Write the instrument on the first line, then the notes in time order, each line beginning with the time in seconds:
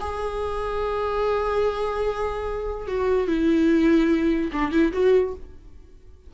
viola
0.00 G#4
2.87 F#4
3.27 E4
4.52 D4
4.71 E4
4.93 F#4